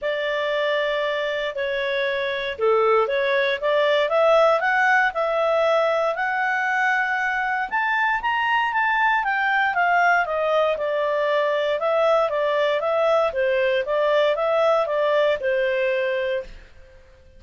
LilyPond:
\new Staff \with { instrumentName = "clarinet" } { \time 4/4 \tempo 4 = 117 d''2. cis''4~ | cis''4 a'4 cis''4 d''4 | e''4 fis''4 e''2 | fis''2. a''4 |
ais''4 a''4 g''4 f''4 | dis''4 d''2 e''4 | d''4 e''4 c''4 d''4 | e''4 d''4 c''2 | }